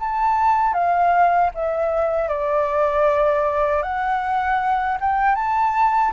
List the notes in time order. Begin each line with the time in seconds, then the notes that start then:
0.00 A5
0.74 F5
1.55 E5
2.29 D5
3.83 F#5
5.01 G5
5.35 A5